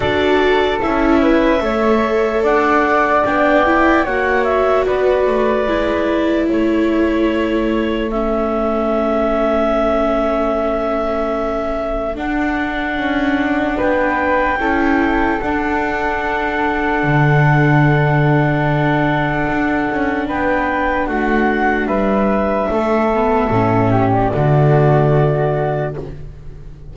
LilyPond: <<
  \new Staff \with { instrumentName = "clarinet" } { \time 4/4 \tempo 4 = 74 d''4 e''2 fis''4 | g''4 fis''8 e''8 d''2 | cis''2 e''2~ | e''2. fis''4~ |
fis''4 g''2 fis''4~ | fis''1~ | fis''4 g''4 fis''4 e''4~ | e''4.~ e''16 d''2~ d''16 | }
  \new Staff \with { instrumentName = "flute" } { \time 4/4 a'4. b'8 cis''4 d''4~ | d''4 cis''4 b'2 | a'1~ | a'1~ |
a'4 b'4 a'2~ | a'1~ | a'4 b'4 fis'4 b'4 | a'4. g'8 fis'2 | }
  \new Staff \with { instrumentName = "viola" } { \time 4/4 fis'4 e'4 a'2 | d'8 e'8 fis'2 e'4~ | e'2 cis'2~ | cis'2. d'4~ |
d'2 e'4 d'4~ | d'1~ | d'1~ | d'8 b8 cis'4 a2 | }
  \new Staff \with { instrumentName = "double bass" } { \time 4/4 d'4 cis'4 a4 d'4 | b4 ais4 b8 a8 gis4 | a1~ | a2. d'4 |
cis'4 b4 cis'4 d'4~ | d'4 d2. | d'8 cis'8 b4 a4 g4 | a4 a,4 d2 | }
>>